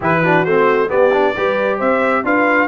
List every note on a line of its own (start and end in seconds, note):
0.00 0.45 E3
0.00 0.24 E4
0.00 0.21 G4
0.00 0.44 B4
0.22 0.46 D4
0.22 0.89 F#4
0.44 0.90 A3
0.44 0.88 C4
0.44 0.89 C5
0.88 1.10 B3
0.88 1.36 B3
0.88 1.33 G4
0.88 1.79 D5
1.12 1.35 D4
1.35 1.80 G3
1.35 2.24 G4
1.35 1.77 B4
1.77 2.23 C4
1.77 2.22 C5
1.77 2.24 E5
2.23 2.68 D4
2.23 2.68 F4
2.23 2.68 B4
2.23 2.68 F5